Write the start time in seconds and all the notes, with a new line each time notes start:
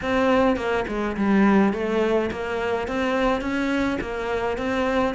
0.02 C4
0.56 A#3
0.88 G#3
1.16 G3
1.73 A3
2.31 A#3
2.87 C4
3.41 C#4
4.00 A#3
4.57 C4